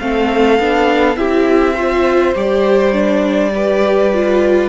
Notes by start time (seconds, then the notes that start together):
0.00 A3 C4 A4 F5
0.60 B3 D4
1.16 C4 E4 G4 E5
1.75 F4 C5
2.35 G3 G4 D5
2.93 D4
3.55 G4 B4
4.13 F4